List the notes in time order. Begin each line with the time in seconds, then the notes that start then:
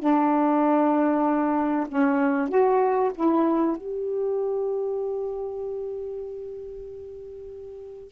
0.00 D4
1.89 C#4
2.49 F#4
3.15 E4
3.77 G4